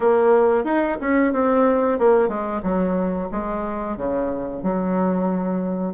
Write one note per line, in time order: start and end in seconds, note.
0.00 0.64 A#3
0.64 0.97 D#4
1.00 1.32 C#4
1.32 1.98 C4
1.98 2.28 A#3
2.28 2.61 G#3
2.62 3.28 F#3
3.31 3.97 G#3
3.97 4.62 C#3
4.62 5.93 F#3